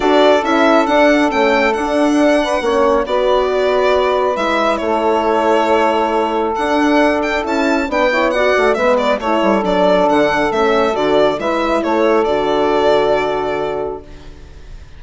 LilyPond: <<
  \new Staff \with { instrumentName = "violin" } { \time 4/4 \tempo 4 = 137 d''4 e''4 fis''4 g''4 | fis''2. d''4~ | d''2 e''4 cis''4~ | cis''2. fis''4~ |
fis''8 g''8 a''4 g''4 fis''4 | e''8 d''8 cis''4 d''4 fis''4 | e''4 d''4 e''4 cis''4 | d''1 | }
  \new Staff \with { instrumentName = "saxophone" } { \time 4/4 a'1~ | a'4. b'8 cis''4 b'4~ | b'2. a'4~ | a'1~ |
a'2 b'8 cis''8 d''4 | b'4 a'2.~ | a'2 b'4 a'4~ | a'1 | }
  \new Staff \with { instrumentName = "horn" } { \time 4/4 fis'4 e'4 d'4 cis'4 | d'2 cis'4 fis'4~ | fis'2 e'2~ | e'2. d'4~ |
d'4 e'4 d'8 e'8 fis'4 | b4 e'4 d'2 | cis'4 fis'4 e'2 | fis'1 | }
  \new Staff \with { instrumentName = "bassoon" } { \time 4/4 d'4 cis'4 d'4 a4 | d'2 ais4 b4~ | b2 gis4 a4~ | a2. d'4~ |
d'4 cis'4 b4. a8 | gis4 a8 g8 fis4 d4 | a4 d4 gis4 a4 | d1 | }
>>